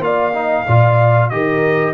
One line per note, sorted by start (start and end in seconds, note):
0.00 0.64 A#3
0.00 0.33 F4
0.00 0.34 D5
0.00 1.30 F5
0.34 0.66 D#4
0.34 0.66 D#5
0.67 1.32 A#2
0.67 1.31 F4
0.67 1.31 D5
1.30 1.94 D#3
1.30 1.94 G4
1.30 1.94 A#4
1.30 1.93 D#5